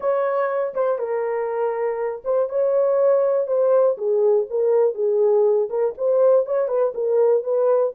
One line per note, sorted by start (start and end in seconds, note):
0.00 0.73 C#5
0.74 0.98 C5
0.98 2.22 A#4
2.24 2.49 C5
2.49 3.47 C#5
3.47 3.96 C5
3.97 4.47 G#4
4.49 4.94 A#4
4.94 5.68 G#4
5.69 5.94 A#4
5.97 6.46 C5
6.46 6.68 C#5
6.68 6.92 B4
6.94 7.43 A#4
7.43 7.93 B4